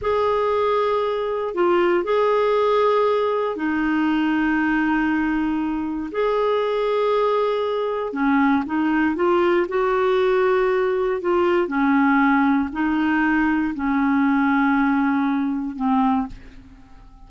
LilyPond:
\new Staff \with { instrumentName = "clarinet" } { \time 4/4 \tempo 4 = 118 gis'2. f'4 | gis'2. dis'4~ | dis'1 | gis'1 |
cis'4 dis'4 f'4 fis'4~ | fis'2 f'4 cis'4~ | cis'4 dis'2 cis'4~ | cis'2. c'4 | }